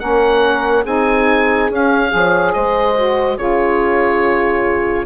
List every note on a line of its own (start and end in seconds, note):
0.00 0.86 A#3
0.00 0.85 C#4
0.00 0.83 A#4
0.00 0.85 F#5
0.83 1.70 C4
0.83 1.70 D#4
0.83 2.10 G#4
0.83 1.71 G#5
1.70 2.12 C#4
1.70 2.10 C#4
1.70 2.53 F5
2.10 2.56 F3
2.10 2.95 G#4
2.10 2.54 C#5
2.53 3.38 G#3
2.53 3.39 C5
2.53 3.38 D#5
2.96 3.38 F#4
3.38 5.06 C#3
3.38 5.06 F4
3.38 5.06 G#4
3.38 5.06 C#5